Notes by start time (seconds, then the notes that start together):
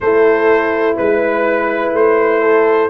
0.00 A3 E4 A4 C5
0.96 G#3 B4
1.92 A3 C5
2.41 A4